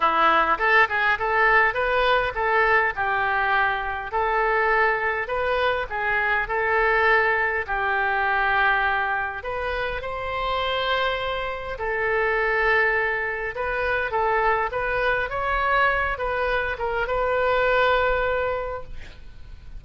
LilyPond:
\new Staff \with { instrumentName = "oboe" } { \time 4/4 \tempo 4 = 102 e'4 a'8 gis'8 a'4 b'4 | a'4 g'2 a'4~ | a'4 b'4 gis'4 a'4~ | a'4 g'2. |
b'4 c''2. | a'2. b'4 | a'4 b'4 cis''4. b'8~ | b'8 ais'8 b'2. | }